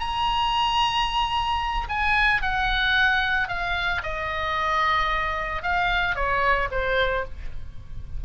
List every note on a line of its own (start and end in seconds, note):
0.00 1.87 A#5
1.89 2.42 G#5
2.42 3.48 F#5
3.48 4.02 F5
4.03 5.63 D#5
5.63 6.16 F5
6.16 6.69 C#5
6.71 7.25 C5